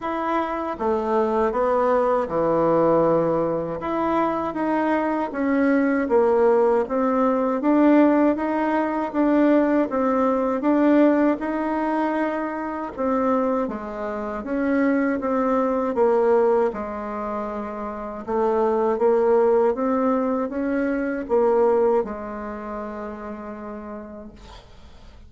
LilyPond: \new Staff \with { instrumentName = "bassoon" } { \time 4/4 \tempo 4 = 79 e'4 a4 b4 e4~ | e4 e'4 dis'4 cis'4 | ais4 c'4 d'4 dis'4 | d'4 c'4 d'4 dis'4~ |
dis'4 c'4 gis4 cis'4 | c'4 ais4 gis2 | a4 ais4 c'4 cis'4 | ais4 gis2. | }